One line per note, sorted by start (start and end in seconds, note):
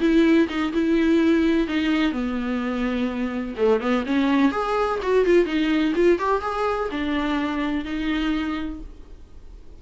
0.00 0.48 E4
0.49 0.73 D#4
0.73 1.68 E4
1.68 2.12 D#4
2.12 3.55 B3
3.57 3.81 A3
3.81 4.04 B3
4.06 4.52 C#4
4.52 4.99 G#4
5.03 5.26 F#4
5.26 5.46 F4
5.46 5.93 D#4
5.95 6.19 F4
6.19 6.42 G4
6.42 6.89 G#4
6.91 7.85 D4
7.85 8.80 D#4